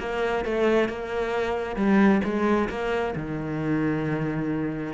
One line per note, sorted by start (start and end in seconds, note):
0.00 0.45 A#3
0.45 0.89 A3
0.89 1.76 A#3
1.76 2.21 G3
2.24 2.69 G#3
2.70 3.15 A#3
3.16 4.94 D#3